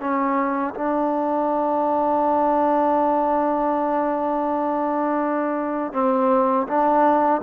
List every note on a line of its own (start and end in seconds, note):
0.00 0.74 C#4
0.74 5.93 D4
5.93 6.67 C4
6.67 7.41 D4